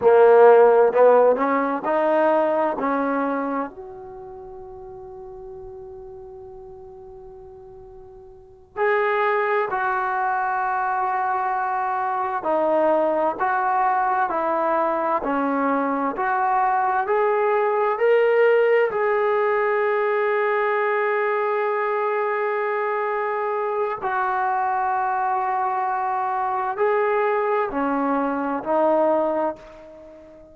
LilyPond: \new Staff \with { instrumentName = "trombone" } { \time 4/4 \tempo 4 = 65 ais4 b8 cis'8 dis'4 cis'4 | fis'1~ | fis'4. gis'4 fis'4.~ | fis'4. dis'4 fis'4 e'8~ |
e'8 cis'4 fis'4 gis'4 ais'8~ | ais'8 gis'2.~ gis'8~ | gis'2 fis'2~ | fis'4 gis'4 cis'4 dis'4 | }